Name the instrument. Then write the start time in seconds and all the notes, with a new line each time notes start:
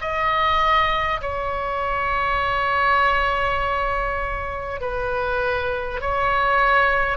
oboe
0.00 D#5
1.21 C#5
4.80 B4
6.00 C#5